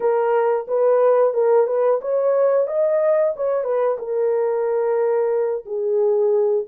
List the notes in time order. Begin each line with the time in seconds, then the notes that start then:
0.00 A#4
0.67 B4
1.33 A#4
1.67 B4
2.01 C#5
2.67 D#5
3.35 C#5
3.64 B4
3.98 A#4
5.65 G#4